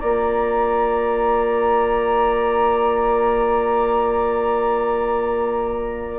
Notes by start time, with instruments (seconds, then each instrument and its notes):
0.00 bassoon A#3, clarinet F4, oboe D5, flute A#5